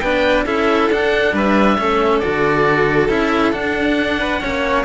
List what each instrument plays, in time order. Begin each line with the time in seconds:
0.00 cello B3 D4, violin B4, oboe G5
0.46 cello C#4 E4, violin A4, oboe E5
0.90 cello D4, oboe F#5
1.33 cello G3, violin B4, oboe E5
1.78 cello A3 C#4, violin A4
2.20 cello D3 F#4, oboe D5
3.09 cello C#4 E4, oboe E5
3.53 cello D4, oboe F#5
4.19 violin B4
4.40 cello A#3 C#4, violin C#5